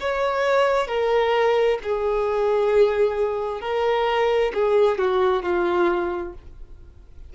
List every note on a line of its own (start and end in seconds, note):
0.00 0.87 C#5
0.87 1.78 A#4
1.83 3.61 G#4
3.61 4.52 A#4
4.53 4.98 G#4
4.98 5.43 F#4
5.43 6.33 F4